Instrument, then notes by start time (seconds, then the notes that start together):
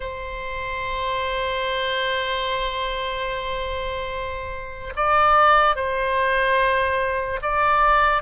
oboe
0.00 C5
4.95 D5
5.75 C5
7.42 D5